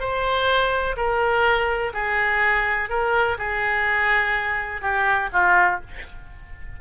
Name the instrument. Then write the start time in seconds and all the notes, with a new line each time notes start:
oboe
0.00 C5
0.97 A#4
1.94 G#4
2.90 A#4
3.38 G#4
4.82 G4
5.33 F4